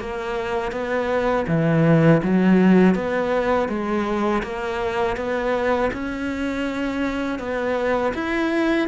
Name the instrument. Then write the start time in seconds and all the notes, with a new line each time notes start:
cello
0.00 A#3
0.72 B3
1.47 E3
2.23 F#3
2.95 B3
3.69 G#3
4.43 A#3
5.17 B3
5.93 C#4
7.39 B3
8.14 E4